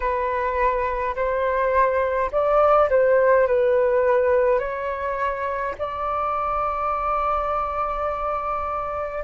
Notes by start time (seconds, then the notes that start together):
0.00 B4
1.15 C5
2.31 D5
2.89 C5
3.47 B4
4.59 C#5
5.78 D5